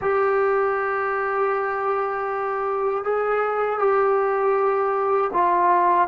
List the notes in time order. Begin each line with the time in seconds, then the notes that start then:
0.01 G4
3.03 G#4
3.78 G4
5.33 F4